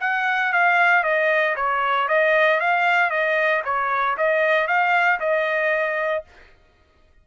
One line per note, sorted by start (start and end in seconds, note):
0.00 0.52 F#5
0.52 1.03 F5
1.03 1.55 D#5
1.56 2.08 C#5
2.08 2.60 D#5
2.60 3.10 F5
3.10 3.62 D#5
3.64 4.16 C#5
4.17 4.67 D#5
4.67 5.19 F5
5.19 6.24 D#5